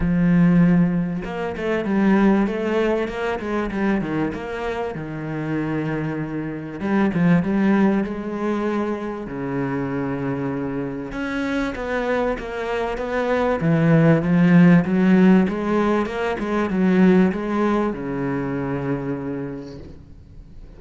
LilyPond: \new Staff \with { instrumentName = "cello" } { \time 4/4 \tempo 4 = 97 f2 ais8 a8 g4 | a4 ais8 gis8 g8 dis8 ais4 | dis2. g8 f8 | g4 gis2 cis4~ |
cis2 cis'4 b4 | ais4 b4 e4 f4 | fis4 gis4 ais8 gis8 fis4 | gis4 cis2. | }